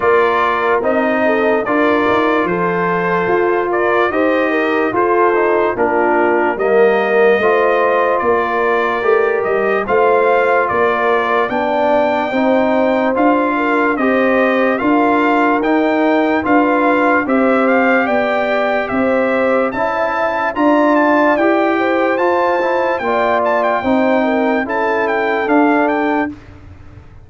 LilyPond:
<<
  \new Staff \with { instrumentName = "trumpet" } { \time 4/4 \tempo 4 = 73 d''4 dis''4 d''4 c''4~ | c''8 d''8 dis''4 c''4 ais'4 | dis''2 d''4. dis''8 | f''4 d''4 g''2 |
f''4 dis''4 f''4 g''4 | f''4 e''8 f''8 g''4 e''4 | a''4 ais''8 a''8 g''4 a''4 | g''8 a''16 g''4~ g''16 a''8 g''8 f''8 g''8 | }
  \new Staff \with { instrumentName = "horn" } { \time 4/4 ais'4. a'8 ais'4 a'4~ | a'8 ais'8 c''8 ais'8 a'4 f'4 | ais'4 c''4 ais'2 | c''4 ais'4 d''4 c''4~ |
c''8 ais'8 c''4 ais'2 | b'4 c''4 d''4 c''4 | e''4 d''4. c''4. | d''4 c''8 ais'8 a'2 | }
  \new Staff \with { instrumentName = "trombone" } { \time 4/4 f'4 dis'4 f'2~ | f'4 g'4 f'8 dis'8 d'4 | ais4 f'2 g'4 | f'2 d'4 dis'4 |
f'4 g'4 f'4 dis'4 | f'4 g'2. | e'4 f'4 g'4 f'8 e'8 | f'4 dis'4 e'4 d'4 | }
  \new Staff \with { instrumentName = "tuba" } { \time 4/4 ais4 c'4 d'8 dis'8 f4 | f'4 dis'4 f'4 ais4 | g4 a4 ais4 a8 g8 | a4 ais4 b4 c'4 |
d'4 c'4 d'4 dis'4 | d'4 c'4 b4 c'4 | cis'4 d'4 e'4 f'4 | ais4 c'4 cis'4 d'4 | }
>>